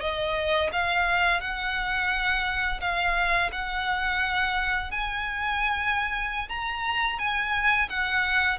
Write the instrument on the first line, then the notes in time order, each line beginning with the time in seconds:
violin
0.00 D#5
0.72 F5
1.40 F#5
2.80 F5
3.52 F#5
4.91 G#5
6.49 A#5
7.19 G#5
7.89 F#5